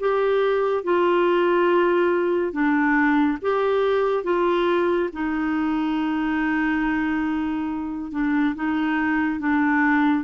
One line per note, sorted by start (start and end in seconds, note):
0.00 0.84 G4
0.84 2.52 F4
2.52 3.38 D4
3.42 4.24 G4
4.24 5.10 F4
5.13 8.12 D#4
8.12 8.55 D4
8.55 9.40 D#4
9.40 10.24 D4